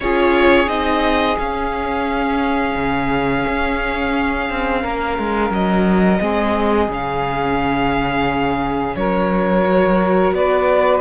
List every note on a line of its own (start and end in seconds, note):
0.00 0.67 C#4
0.00 0.67 F4
0.00 4.82 G#4
0.00 0.68 C#5
0.67 1.36 C4
0.67 1.36 D#4
0.67 1.37 D#5
1.37 6.20 C#4
1.37 2.75 C#4
1.37 5.52 F5
2.75 3.44 C#3
3.47 4.49 C#4
4.49 4.84 C4
4.82 5.18 A#3
4.82 6.20 A#4
5.18 5.50 G#3
5.50 6.19 F#3
5.50 6.91 D#5
6.20 6.87 G#3
6.20 6.89 C4
6.20 8.96 G#4
6.87 8.94 C#3
6.87 9.65 C#4
6.87 8.96 F5
8.95 10.32 F#3
8.95 10.35 A#4
8.95 10.34 C#5
9.65 11.00 F#4
10.32 11.00 B3
10.32 11.00 B4
10.32 11.00 D5